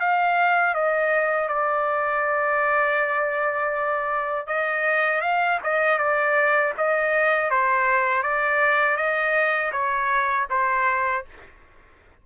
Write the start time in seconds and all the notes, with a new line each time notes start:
0.00 F5
0.74 D#5
1.48 D5
4.47 D#5
5.21 F5
5.64 D#5
5.98 D5
6.77 D#5
7.50 C5
8.23 D5
8.97 D#5
9.72 C#5
10.50 C5